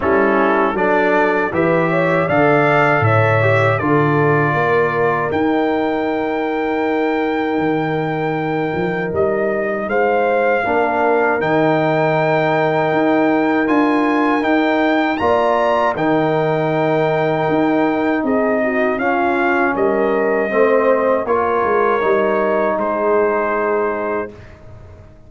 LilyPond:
<<
  \new Staff \with { instrumentName = "trumpet" } { \time 4/4 \tempo 4 = 79 a'4 d''4 e''4 f''4 | e''4 d''2 g''4~ | g''1 | dis''4 f''2 g''4~ |
g''2 gis''4 g''4 | ais''4 g''2. | dis''4 f''4 dis''2 | cis''2 c''2 | }
  \new Staff \with { instrumentName = "horn" } { \time 4/4 e'4 a'4 b'8 cis''8 d''4 | cis''4 a'4 ais'2~ | ais'1~ | ais'4 c''4 ais'2~ |
ais'1 | d''4 ais'2. | gis'8 fis'8 f'4 ais'4 c''4 | ais'2 gis'2 | }
  \new Staff \with { instrumentName = "trombone" } { \time 4/4 cis'4 d'4 g'4 a'4~ | a'8 g'8 f'2 dis'4~ | dis'1~ | dis'2 d'4 dis'4~ |
dis'2 f'4 dis'4 | f'4 dis'2.~ | dis'4 cis'2 c'4 | f'4 dis'2. | }
  \new Staff \with { instrumentName = "tuba" } { \time 4/4 g4 fis4 e4 d4 | a,4 d4 ais4 dis'4~ | dis'2 dis4. f8 | g4 gis4 ais4 dis4~ |
dis4 dis'4 d'4 dis'4 | ais4 dis2 dis'4 | c'4 cis'4 g4 a4 | ais8 gis8 g4 gis2 | }
>>